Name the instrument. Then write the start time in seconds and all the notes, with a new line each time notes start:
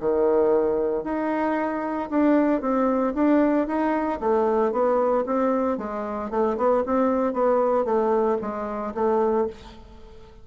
bassoon
0.00 D#3
1.03 D#4
2.10 D4
2.61 C4
3.15 D4
3.67 D#4
4.20 A3
4.72 B3
5.26 C4
5.78 G#3
6.31 A3
6.57 B3
6.86 C4
7.33 B3
7.85 A3
8.41 G#3
8.94 A3